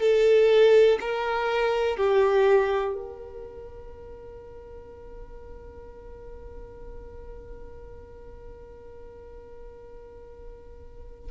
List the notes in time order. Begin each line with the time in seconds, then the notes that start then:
0.00 A4
1.00 A#4
1.97 G4
2.94 A#4